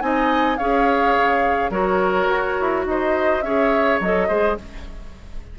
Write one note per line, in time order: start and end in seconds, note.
0.00 0.58 C4
0.00 0.57 D#4
0.00 0.58 D#5
0.00 0.57 G#5
0.57 1.17 C#4
0.57 1.71 G#4
0.57 1.71 C#5
0.57 1.71 F5
1.17 1.69 C#3
1.69 2.27 F#3
1.69 3.42 F#4
1.69 2.85 A#4
1.69 2.86 C#5
2.29 2.58 F#4
2.60 2.85 E4
2.85 3.42 D#4
2.85 3.44 C5
2.85 3.42 D#5
3.42 3.99 C#4
3.42 4.01 G#4
3.42 4.27 C#5
3.42 3.99 E5
4.00 4.29 F#3
4.00 4.29 A4
4.00 4.58 D#5
4.27 4.57 G#3
4.27 4.57 G#4
4.27 4.56 C5